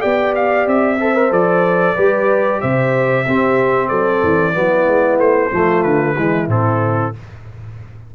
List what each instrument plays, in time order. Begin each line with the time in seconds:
0.00 tuba B3, trombone G4, horn D5, trumpet G5
0.35 trumpet F5
0.67 tuba C4, trumpet E5
1.00 trombone A4, horn C5
1.15 trombone A#4
1.31 tuba F3, trombone A4, trumpet D5
1.95 tuba G3, trombone G4, horn B4
2.60 tuba C3, horn C5, trumpet E5
3.26 tuba C4, trombone C4, horn G4
3.88 tuba F#3, horn A4, trumpet D5
4.23 tuba E3
4.54 tuba F#3, trombone B3, horn E4
4.87 tuba G#3
5.18 tuba A3, trumpet C5
5.51 tuba F3, trombone A3, horn F4
5.83 tuba D3, trumpet B4
6.16 tuba E3, trombone G#3, horn E4
6.48 tuba A2, trombone C4, trumpet A4